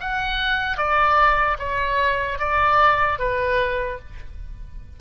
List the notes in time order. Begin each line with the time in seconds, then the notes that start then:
0.00 F#5
0.77 D5
1.59 C#5
2.39 D5
3.19 B4